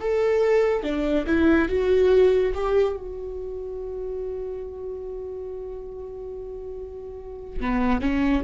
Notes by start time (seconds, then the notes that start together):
0.00 A4
0.83 D4
1.27 E4
1.69 F#4
2.54 G4
2.97 F#4
7.61 B3
8.01 C#4